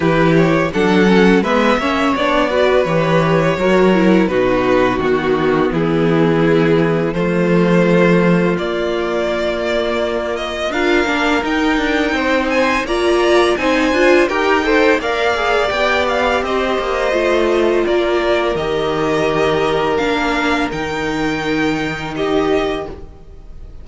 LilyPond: <<
  \new Staff \with { instrumentName = "violin" } { \time 4/4 \tempo 4 = 84 b'8 cis''8 fis''4 e''4 d''4 | cis''2 b'4 fis'4 | gis'2 c''2 | d''2~ d''8 dis''8 f''4 |
g''4. gis''8 ais''4 gis''4 | g''4 f''4 g''8 f''8 dis''4~ | dis''4 d''4 dis''2 | f''4 g''2 dis''4 | }
  \new Staff \with { instrumentName = "violin" } { \time 4/4 g'4 a'4 b'8 cis''4 b'8~ | b'4 ais'4 fis'2 | e'2 f'2~ | f'2. ais'4~ |
ais'4 c''4 d''4 c''4 | ais'8 c''8 d''2 c''4~ | c''4 ais'2.~ | ais'2. g'4 | }
  \new Staff \with { instrumentName = "viola" } { \time 4/4 e'4 d'8 cis'8 b8 cis'8 d'8 fis'8 | g'4 fis'8 e'8 dis'4 b4~ | b2 a2 | ais2. f'8 d'8 |
dis'2 f'4 dis'8 f'8 | g'8 a'8 ais'8 gis'8 g'2 | f'2 g'2 | d'4 dis'2. | }
  \new Staff \with { instrumentName = "cello" } { \time 4/4 e4 fis4 gis8 ais8 b4 | e4 fis4 b,4 dis4 | e2 f2 | ais2. d'8 ais8 |
dis'8 d'8 c'4 ais4 c'8 d'8 | dis'4 ais4 b4 c'8 ais8 | a4 ais4 dis2 | ais4 dis2. | }
>>